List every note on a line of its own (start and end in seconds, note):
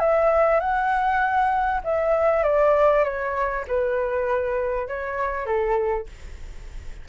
0.00 0.61 E5
0.61 1.82 F#5
1.84 2.44 E5
2.44 3.04 D5
3.04 3.65 C#5
3.68 4.88 B4
4.88 5.46 C#5
5.46 6.07 A4